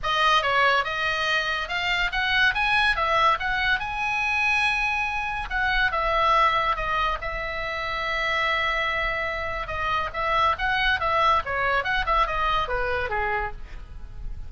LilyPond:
\new Staff \with { instrumentName = "oboe" } { \time 4/4 \tempo 4 = 142 dis''4 cis''4 dis''2 | f''4 fis''4 gis''4 e''4 | fis''4 gis''2.~ | gis''4 fis''4 e''2 |
dis''4 e''2.~ | e''2. dis''4 | e''4 fis''4 e''4 cis''4 | fis''8 e''8 dis''4 b'4 gis'4 | }